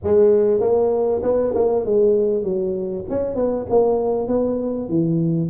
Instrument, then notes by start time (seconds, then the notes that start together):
tuba
0.03 G#3
0.60 A#3
1.22 B3
1.54 A#3
1.85 G#3
2.43 F#3
3.09 C#4
3.35 B3
3.69 A#3
4.27 B3
4.88 E3